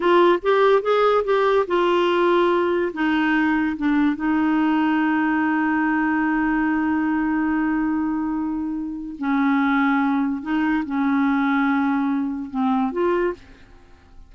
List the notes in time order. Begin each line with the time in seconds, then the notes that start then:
0.00 F4
0.42 G4
0.82 G#4
1.24 G4
1.67 F4
2.93 D#4
3.76 D4
4.15 D#4
9.18 C#4
10.42 D#4
10.85 C#4
12.50 C4
12.92 F4